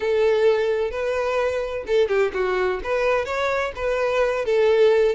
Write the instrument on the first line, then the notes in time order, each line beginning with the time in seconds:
violin
0.00 A4
0.90 B4
1.86 A4
2.08 G4
2.33 F#4
2.83 B4
3.25 C#5
3.75 B4
4.45 A4